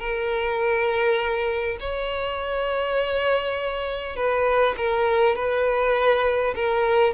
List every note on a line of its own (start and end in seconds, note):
0.00 1.78 A#4
1.80 4.16 C#5
4.16 4.76 B4
4.77 5.36 A#4
5.36 6.55 B4
6.56 7.14 A#4